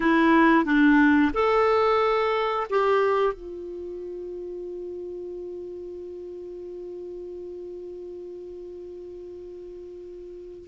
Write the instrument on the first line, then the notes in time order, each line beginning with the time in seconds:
clarinet
0.00 E4
0.65 D4
1.33 A4
2.70 G4
3.33 F4